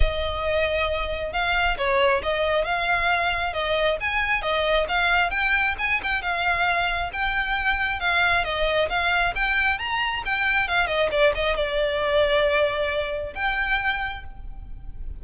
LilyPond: \new Staff \with { instrumentName = "violin" } { \time 4/4 \tempo 4 = 135 dis''2. f''4 | cis''4 dis''4 f''2 | dis''4 gis''4 dis''4 f''4 | g''4 gis''8 g''8 f''2 |
g''2 f''4 dis''4 | f''4 g''4 ais''4 g''4 | f''8 dis''8 d''8 dis''8 d''2~ | d''2 g''2 | }